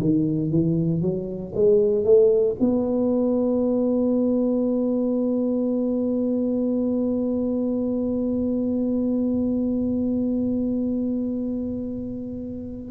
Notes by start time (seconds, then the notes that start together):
0.00 D#3
0.50 E3
1.01 F#3
1.55 G#3
2.04 A3
2.60 B3